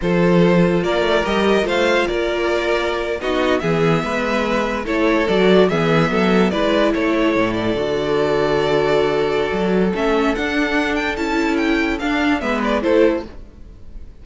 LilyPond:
<<
  \new Staff \with { instrumentName = "violin" } { \time 4/4 \tempo 4 = 145 c''2 d''4 dis''4 | f''4 d''2~ d''8. dis''16~ | dis''8. e''2. cis''16~ | cis''8. d''4 e''2 d''16~ |
d''8. cis''4. d''4.~ d''16~ | d''1 | e''4 fis''4. g''8 a''4 | g''4 f''4 e''8 d''8 c''4 | }
  \new Staff \with { instrumentName = "violin" } { \time 4/4 a'2 ais'2 | c''4 ais'2~ ais'8. fis'16~ | fis'8. gis'4 b'2 a'16~ | a'4.~ a'16 gis'4 a'4 b'16~ |
b'8. a'2.~ a'16~ | a'1~ | a'1~ | a'2 b'4 a'4 | }
  \new Staff \with { instrumentName = "viola" } { \time 4/4 f'2. g'4 | f'2.~ f'8. dis'16~ | dis'8. b2. e'16~ | e'8. fis'4 b2 e'16~ |
e'2~ e'8. fis'4~ fis'16~ | fis'1 | cis'4 d'2 e'4~ | e'4 d'4 b4 e'4 | }
  \new Staff \with { instrumentName = "cello" } { \time 4/4 f2 ais8 a8 g4 | a4 ais2~ ais8. b16~ | b8. e4 gis2 a16~ | a8. fis4 e4 fis4 gis16~ |
gis8. a4 a,4 d4~ d16~ | d2. fis4 | a4 d'2 cis'4~ | cis'4 d'4 gis4 a4 | }
>>